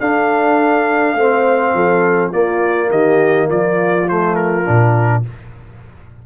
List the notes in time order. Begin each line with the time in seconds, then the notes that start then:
0.00 D4 A4 F5
1.15 A3 C4 C5
1.75 F3 A4
2.31 A#3 F4 D5
2.90 D#3 G4 D#5
3.49 F3 F4 D5
4.08 A3 C5
4.36 A#4
4.65 A#2 D4